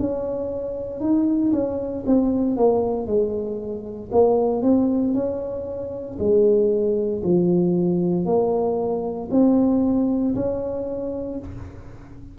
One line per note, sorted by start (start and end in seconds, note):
0.00 1.01 C#4
1.01 1.52 D#4
1.53 2.05 C#4
2.06 2.57 C4
2.57 3.07 A#3
3.07 4.11 G#3
4.12 4.62 A#3
4.62 5.14 C4
5.14 6.18 C#4
6.19 7.23 G#3
7.24 8.26 F3
8.26 9.29 A#3
9.32 10.35 C4
10.35 11.39 C#4